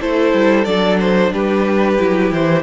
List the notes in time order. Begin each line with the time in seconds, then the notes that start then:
0.00 A3 E4 A4 C5
0.34 G3
0.65 F#3 D4 D5
1.00 C5
1.33 G3 G4 B4
1.99 F#3 E4
2.31 E3 C5